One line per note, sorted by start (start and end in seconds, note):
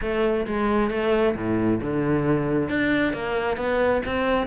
0.01 0.46 A3
0.47 0.90 G#3
0.90 1.35 A3
1.35 1.80 A2
1.81 2.69 D3
2.69 3.13 D4
3.13 3.56 A#3
3.56 4.01 B3
4.05 4.47 C4